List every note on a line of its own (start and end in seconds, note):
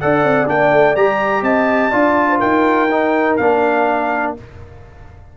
0.00 0.23 D4
0.00 0.46 A4
0.00 1.43 D5
0.00 0.48 F#5
0.23 0.48 C4
0.46 0.72 A#3
0.46 0.95 D4
0.46 0.95 G5
0.72 0.96 A3
0.95 1.42 G3
0.95 1.91 G4
0.95 1.44 A#5
1.42 1.90 C4
1.42 1.90 D#5
1.42 2.40 A5
1.90 2.41 D4
1.90 2.88 F4
1.90 2.27 D5
2.29 2.40 C5
2.40 3.39 D#4
2.40 4.33 A#4
2.40 3.36 G5
2.91 3.39 D#4
3.36 4.36 A#3
3.36 4.37 D4
3.36 4.33 F5